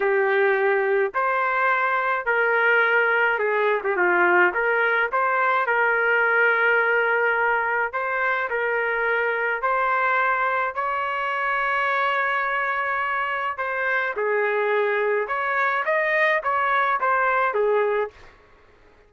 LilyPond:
\new Staff \with { instrumentName = "trumpet" } { \time 4/4 \tempo 4 = 106 g'2 c''2 | ais'2 gis'8. g'16 f'4 | ais'4 c''4 ais'2~ | ais'2 c''4 ais'4~ |
ais'4 c''2 cis''4~ | cis''1 | c''4 gis'2 cis''4 | dis''4 cis''4 c''4 gis'4 | }